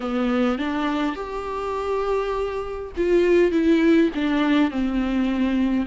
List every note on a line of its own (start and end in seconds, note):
0.00 0.58 B3
0.58 1.15 D4
1.15 2.92 G4
2.97 3.51 F4
3.51 4.10 E4
4.14 4.71 D4
4.71 5.86 C4